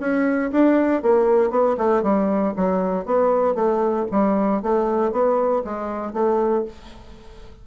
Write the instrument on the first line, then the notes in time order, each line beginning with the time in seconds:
bassoon
0.00 C#4
0.52 D4
1.03 A#3
1.51 B3
1.78 A3
2.03 G3
2.57 F#3
3.06 B3
3.55 A3
4.11 G3
4.62 A3
5.12 B3
5.64 G#3
6.14 A3